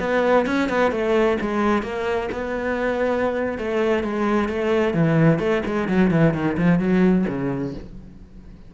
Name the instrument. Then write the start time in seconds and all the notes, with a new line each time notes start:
cello
0.00 B3
0.47 C#4
0.69 B3
0.91 A3
1.41 G#3
1.83 A#3
2.32 B3
3.58 A3
4.04 G#3
4.49 A3
4.94 E3
5.39 A3
5.66 G#3
5.88 F#3
6.11 E3
6.34 D#3
6.57 F3
6.79 F#3
7.28 C#3